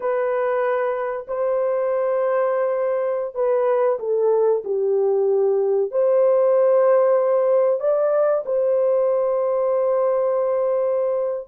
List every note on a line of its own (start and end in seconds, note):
0.00 1.26 B4
1.27 3.34 C5
3.34 3.98 B4
3.99 4.62 A4
4.64 5.91 G4
5.91 7.80 C5
7.80 8.44 D5
8.45 11.48 C5